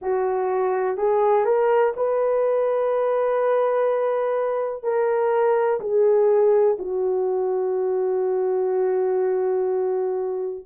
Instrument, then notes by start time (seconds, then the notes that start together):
horn
0.01 F#4
0.97 G#4
1.45 A#4
1.96 B4
4.83 A#4
5.80 G#4
6.78 F#4